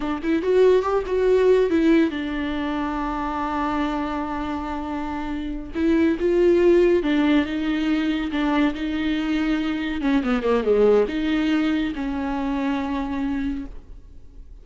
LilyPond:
\new Staff \with { instrumentName = "viola" } { \time 4/4 \tempo 4 = 141 d'8 e'8 fis'4 g'8 fis'4. | e'4 d'2.~ | d'1~ | d'4. e'4 f'4.~ |
f'8 d'4 dis'2 d'8~ | d'8 dis'2. cis'8 | b8 ais8 gis4 dis'2 | cis'1 | }